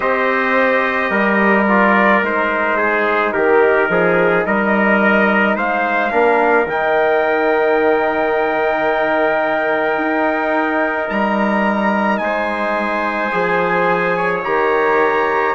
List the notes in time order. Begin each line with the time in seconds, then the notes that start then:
0.00 C4 G4 C5 D#5
1.10 G3 A#4
1.67 F4 D5
2.22 G#3 D#4 C5
2.77 G#4
3.32 D#3 G4 A#4
3.89 F3 G#4
4.45 G3 A#4 D#5
5.55 G#3 C5 F5
6.10 A#3 D4 A#4
6.66 D#3 D#4 G5
9.97 D#4
11.09 G3 A#5
12.17 G#3 G#5
12.23 C5
13.31 F3 G#4
14.16 C#5
14.43 D#3 G4 A#5